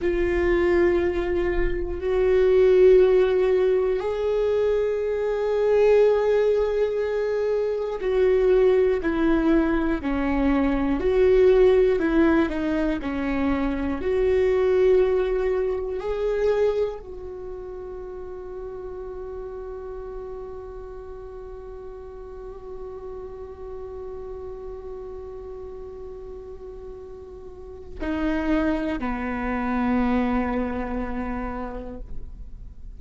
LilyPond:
\new Staff \with { instrumentName = "viola" } { \time 4/4 \tempo 4 = 60 f'2 fis'2 | gis'1 | fis'4 e'4 cis'4 fis'4 | e'8 dis'8 cis'4 fis'2 |
gis'4 fis'2.~ | fis'1~ | fis'1 | dis'4 b2. | }